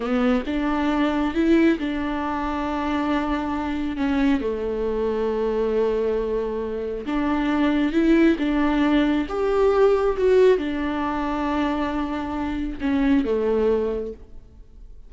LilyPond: \new Staff \with { instrumentName = "viola" } { \time 4/4 \tempo 4 = 136 b4 d'2 e'4 | d'1~ | d'4 cis'4 a2~ | a1 |
d'2 e'4 d'4~ | d'4 g'2 fis'4 | d'1~ | d'4 cis'4 a2 | }